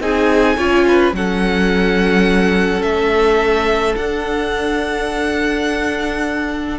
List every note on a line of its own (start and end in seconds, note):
0.00 0.57 C4
0.00 0.57 D#4
0.00 0.57 G#4
0.00 1.15 G#5
0.57 1.13 C#4
0.57 1.15 F4
0.57 0.85 C#5
0.88 1.16 B4
1.13 2.82 F#3
1.13 3.96 C#4
1.13 6.79 A4
1.13 2.82 F#5
2.82 3.95 A3
2.82 3.96 E5
3.96 6.79 D4
3.96 6.79 F#5